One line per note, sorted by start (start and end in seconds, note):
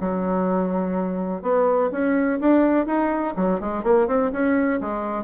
0.00 1.42 F#3
1.42 1.90 B3
1.91 2.39 C#4
2.40 2.86 D4
2.86 3.34 D#4
3.36 3.60 F#3
3.60 3.83 G#3
3.83 4.07 A#3
4.07 4.31 C4
4.32 4.80 C#4
4.80 5.24 G#3